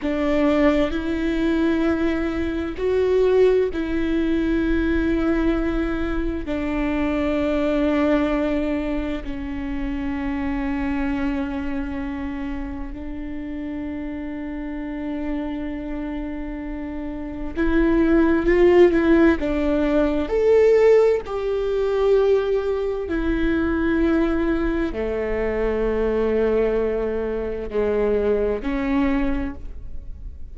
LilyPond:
\new Staff \with { instrumentName = "viola" } { \time 4/4 \tempo 4 = 65 d'4 e'2 fis'4 | e'2. d'4~ | d'2 cis'2~ | cis'2 d'2~ |
d'2. e'4 | f'8 e'8 d'4 a'4 g'4~ | g'4 e'2 a4~ | a2 gis4 cis'4 | }